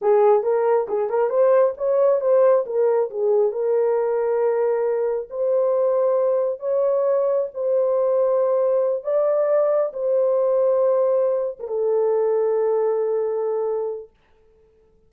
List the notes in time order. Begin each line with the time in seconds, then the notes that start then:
0.01 G#4
0.42 A#4
0.88 G#4
1.09 A#4
1.29 C5
1.77 C#5
2.20 C5
2.66 A#4
3.10 G#4
3.52 A#4
5.30 C5
6.59 C#5
7.54 C5
9.03 D5
9.93 C5
11.59 A#4
11.67 A4